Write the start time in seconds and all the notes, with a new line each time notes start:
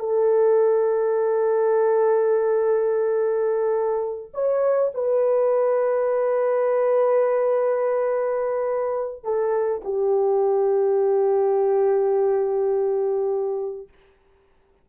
0.00 A4
4.35 C#5
4.95 B4
9.24 A4
9.85 G4